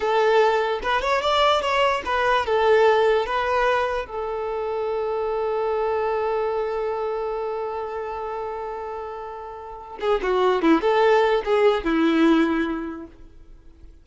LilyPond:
\new Staff \with { instrumentName = "violin" } { \time 4/4 \tempo 4 = 147 a'2 b'8 cis''8 d''4 | cis''4 b'4 a'2 | b'2 a'2~ | a'1~ |
a'1~ | a'1~ | a'8 gis'8 fis'4 e'8 a'4. | gis'4 e'2. | }